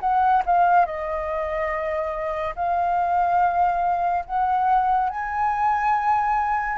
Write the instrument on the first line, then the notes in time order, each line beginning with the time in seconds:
flute
0.00 F#5
0.46 F5
0.85 D#5
2.55 F5
4.25 F#5
5.09 G#5